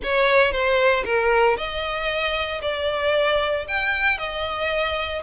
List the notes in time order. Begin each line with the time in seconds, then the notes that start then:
0.03 C#5
0.51 C5
1.04 A#4
1.57 D#5
2.61 D5
3.68 G5
4.18 D#5